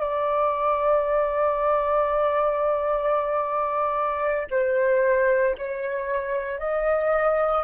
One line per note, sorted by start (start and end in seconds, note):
0.00 4.47 D5
4.50 5.56 C5
5.58 6.59 C#5
6.59 7.64 D#5